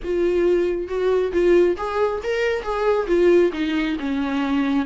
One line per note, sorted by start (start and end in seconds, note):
0.04 0.87 F4
0.87 1.32 F#4
1.32 1.76 F4
1.77 2.21 G#4
2.23 2.62 A#4
2.62 3.06 G#4
3.07 3.51 F4
3.53 3.97 D#4
3.99 4.85 C#4